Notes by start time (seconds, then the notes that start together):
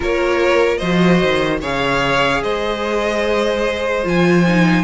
0.00 A#3 F4 A#4 C#5
0.77 F3 F#4 C5 D#5
1.22 D#3
1.60 C#3 G#4 C#5 F5
2.43 G#3 C5 D#5
4.03 F3 F4 G#5
4.47 D#4